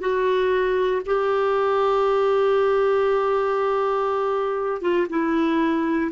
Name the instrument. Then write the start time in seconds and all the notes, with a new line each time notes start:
clarinet
0.00 F#4
1.06 G4
4.81 F4
5.09 E4